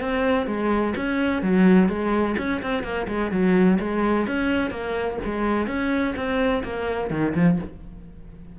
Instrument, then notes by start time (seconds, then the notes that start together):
cello
0.00 C4
0.47 G#3
0.96 C#4
1.42 F#3
1.88 G#3
2.38 C#4
2.62 C4
2.83 A#3
3.08 G#3
3.32 F#3
3.80 G#3
4.27 C#4
4.71 A#3
5.25 G#3
5.67 C#4
6.16 C4
6.64 A#3
7.10 D#3
7.35 F3